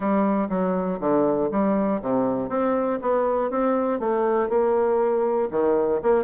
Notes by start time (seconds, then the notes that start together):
0.00 G3
0.49 F#3
1.00 D3
1.51 G3
2.01 C3
2.49 C4
3.01 B3
3.50 C4
3.99 A3
4.49 A#3
5.50 D#3
6.02 A#3